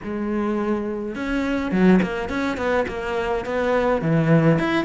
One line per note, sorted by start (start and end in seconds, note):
0.03 1.15 G#3
1.15 1.71 C#4
1.71 2.00 F#3
2.02 2.29 A#3
2.29 2.57 C#4
2.57 2.85 B3
2.88 3.45 A#3
3.45 4.01 B3
4.01 4.58 E3
4.58 4.84 E4